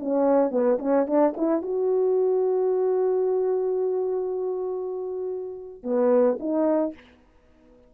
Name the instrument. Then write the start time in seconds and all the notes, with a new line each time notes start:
horn
0.00 C#4
0.51 B3
0.79 C#4
1.07 D4
1.37 E4
1.62 F#4
5.84 B3
6.40 D#4